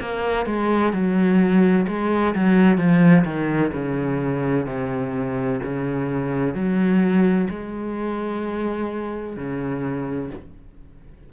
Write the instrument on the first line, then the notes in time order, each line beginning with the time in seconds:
cello
0.00 A#3
0.46 G#3
0.92 F#3
1.87 G#3
2.34 F#3
2.77 F3
3.24 D#3
3.72 C#3
4.66 C3
5.63 C#3
6.54 F#3
7.50 G#3
9.36 C#3